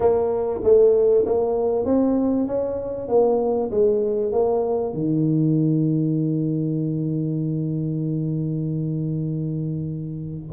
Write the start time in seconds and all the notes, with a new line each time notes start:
0.00 A#3
0.63 A3
1.25 A#3
1.85 C4
2.47 C#4
3.08 A#3
3.70 G#3
4.32 A#3
4.93 D#3